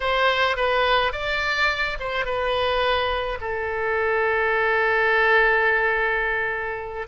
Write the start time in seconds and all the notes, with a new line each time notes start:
0.00 C5
0.56 B4
1.12 D5
1.99 C5
2.25 B4
3.40 A4